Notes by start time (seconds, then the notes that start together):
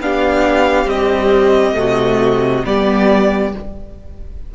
0.00 B3 D4 G4 F5
0.86 G3 C4 D#5
1.74 C3 A3 F#4
2.64 G3 B3 G4 D5